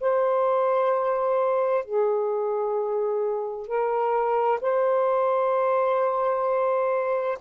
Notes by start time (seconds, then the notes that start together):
0.00 C5
1.84 G#4
3.67 A#4
4.61 C5